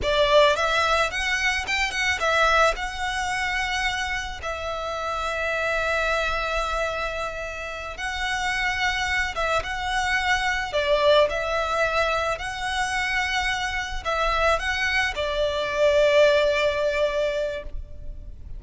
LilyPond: \new Staff \with { instrumentName = "violin" } { \time 4/4 \tempo 4 = 109 d''4 e''4 fis''4 g''8 fis''8 | e''4 fis''2. | e''1~ | e''2~ e''8 fis''4.~ |
fis''4 e''8 fis''2 d''8~ | d''8 e''2 fis''4.~ | fis''4. e''4 fis''4 d''8~ | d''1 | }